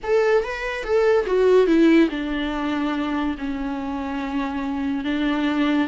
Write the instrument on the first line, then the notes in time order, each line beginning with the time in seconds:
viola
0.03 A4
0.44 B4
0.83 A4
1.26 F#4
1.66 E4
2.10 D4
3.38 C#4
5.04 D4